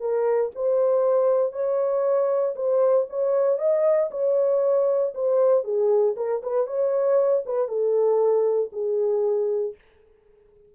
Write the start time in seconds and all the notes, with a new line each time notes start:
0.00 A#4
0.55 C5
1.52 C#5
2.55 C5
3.10 C#5
3.59 D#5
4.11 C#5
5.14 C5
5.64 G#4
6.17 A#4
6.43 B4
6.67 C#5
7.45 B4
7.68 A4
8.72 G#4